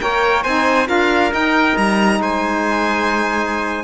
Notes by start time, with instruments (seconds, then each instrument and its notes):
0.00 cello A#3, saxophone A#4, trumpet C#5, violin G5
0.43 cello C4, saxophone D#4, trumpet C5, violin G#5
0.86 cello D4, saxophone F4, trumpet A#4, violin F5
1.30 saxophone D#4, cello D#4, violin G5
1.76 cello G3, violin A#5
2.20 cello G#3, trumpet C5, violin G#5